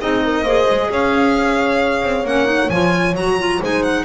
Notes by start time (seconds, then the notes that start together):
0.00 C4 D#4 G#4 D#5
0.25 A#4
0.43 A#3 G#4 C5
0.71 G#3
0.90 C#4 C#5 F5
2.03 C4
2.24 A#3 C#4 F#5
2.46 D#4
2.70 F3 F4 G#5
3.15 F#3 F#4 A#5
3.39 F4
3.59 G#3 D#4 C5
3.65 G#5
3.83 F#5